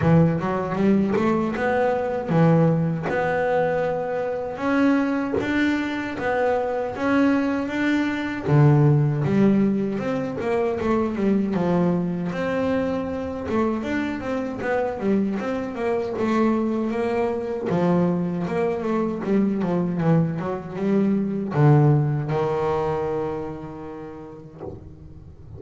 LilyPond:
\new Staff \with { instrumentName = "double bass" } { \time 4/4 \tempo 4 = 78 e8 fis8 g8 a8 b4 e4 | b2 cis'4 d'4 | b4 cis'4 d'4 d4 | g4 c'8 ais8 a8 g8 f4 |
c'4. a8 d'8 c'8 b8 g8 | c'8 ais8 a4 ais4 f4 | ais8 a8 g8 f8 e8 fis8 g4 | d4 dis2. | }